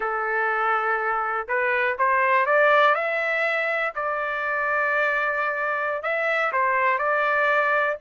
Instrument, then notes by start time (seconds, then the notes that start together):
trumpet
0.00 A4
1.48 B4
1.98 C5
2.46 D5
2.95 E5
3.95 D5
6.02 E5
6.52 C5
6.98 D5